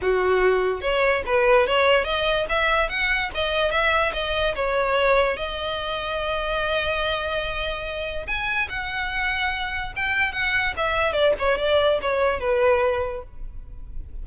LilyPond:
\new Staff \with { instrumentName = "violin" } { \time 4/4 \tempo 4 = 145 fis'2 cis''4 b'4 | cis''4 dis''4 e''4 fis''4 | dis''4 e''4 dis''4 cis''4~ | cis''4 dis''2.~ |
dis''1 | gis''4 fis''2. | g''4 fis''4 e''4 d''8 cis''8 | d''4 cis''4 b'2 | }